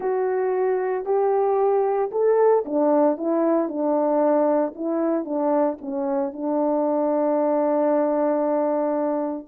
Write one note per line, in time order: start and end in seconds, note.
0.00 1.05 F#4
1.05 2.10 G4
2.11 2.64 A4
2.65 3.17 D4
3.17 3.68 E4
3.68 4.73 D4
4.75 5.25 E4
5.25 5.77 D4
5.81 6.33 C#4
6.33 9.47 D4